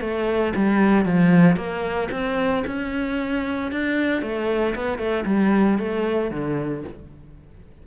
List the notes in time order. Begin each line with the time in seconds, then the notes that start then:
0.00 A3
0.55 G3
1.05 F3
1.56 A#3
2.11 C4
2.66 C#4
3.71 D4
4.22 A3
4.75 B3
4.98 A3
5.25 G3
5.78 A3
6.30 D3